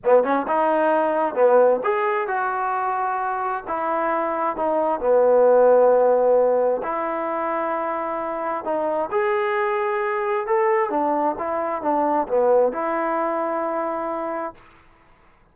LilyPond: \new Staff \with { instrumentName = "trombone" } { \time 4/4 \tempo 4 = 132 b8 cis'8 dis'2 b4 | gis'4 fis'2. | e'2 dis'4 b4~ | b2. e'4~ |
e'2. dis'4 | gis'2. a'4 | d'4 e'4 d'4 b4 | e'1 | }